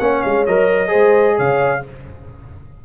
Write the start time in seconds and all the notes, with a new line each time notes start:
0.00 A#3 C#4 C#5 F#5
0.22 G#3 F5
0.47 F#3 A#4 D#5
0.88 G#4 C5
0.94 G#3
1.37 C#3 C#5 F5